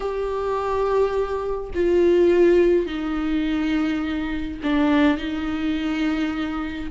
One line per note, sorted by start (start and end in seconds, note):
0.00 1.70 G4
1.74 2.86 F4
2.86 4.59 D#4
4.63 5.17 D4
5.17 6.90 D#4